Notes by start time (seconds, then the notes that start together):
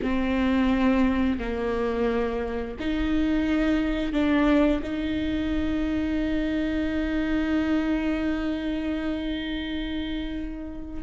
0.02 C4
1.38 A#3
2.79 D#4
4.12 D4
4.82 D#4